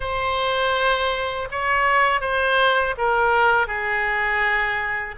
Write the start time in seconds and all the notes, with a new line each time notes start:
0.00 C5
1.51 C#5
2.20 C5
2.97 A#4
3.67 G#4